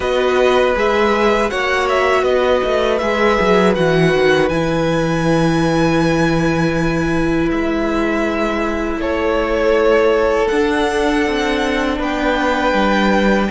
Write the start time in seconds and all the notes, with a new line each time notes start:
0.00 B3 F#4 B4 D#5
0.75 G#3 G#4 E5
1.49 A#3 F#4 C#5 F#5
1.88 E5
2.23 B3 B4 D#5
2.63 A3
2.98 G#3 G#4 E5
3.40 F#3
3.75 E3 F#4 F#5
4.14 D#3
4.48 E3 E4 G#5
7.50 G#3 E5
8.96 A3 A4 C#5
10.48 D4 F#5
11.26 C4
11.98 B3 B4 G5
12.73 G3